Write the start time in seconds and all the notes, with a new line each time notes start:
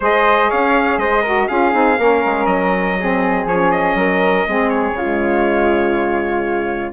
0.00 G#3 G#4 C5 D#5
0.49 C#4 C#5 F5
0.97 G#3 C5 D#5
1.21 F#4 A#4
1.48 C#4 F4 G#4 F5
1.72 C4 D#4
1.98 A#3 C#4 A#4
2.25 G#3
2.46 F#3 D#5
2.99 C4 G#4
3.45 F3 C#4 C#5
3.71 D#5
3.94 F#3 A#4
4.47 G#3 C4 G#4
4.69 C#5
4.91 C#3 G#3 F4